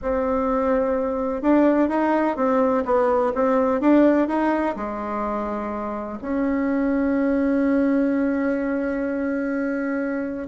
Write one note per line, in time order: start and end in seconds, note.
0.02 1.42 C4
1.42 1.89 D4
1.89 2.36 D#4
2.36 2.84 C4
2.85 3.32 B3
3.35 3.81 C4
3.81 4.28 D4
4.28 4.75 D#4
4.76 6.18 G#3
6.21 10.47 C#4